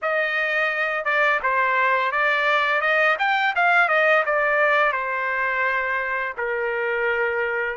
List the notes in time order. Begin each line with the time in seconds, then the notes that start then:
0.02 D#5
1.04 D5
1.42 C5
2.11 D5
2.81 D#5
3.18 G5
3.55 F5
3.88 D#5
4.25 D5
4.92 C5
6.37 A#4